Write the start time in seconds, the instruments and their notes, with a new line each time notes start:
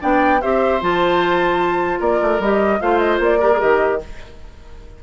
0.00 bassoon B3, clarinet D4, oboe D5, flute G5
0.42 bassoon C4, clarinet G4, oboe C5, flute E5
0.81 bassoon F3, clarinet F4, flute A5
2.00 bassoon A#3, oboe A#4, flute D5
2.22 bassoon A3
2.40 bassoon G3, clarinet G4, flute D#5
2.81 bassoon A3, clarinet F4, oboe C5, flute F5
2.99 flute D#5
3.20 bassoon A#3, flute D5
3.39 clarinet G4, oboe A#4
3.52 clarinet G#4
3.60 bassoon D#3, clarinet G4, flute D#5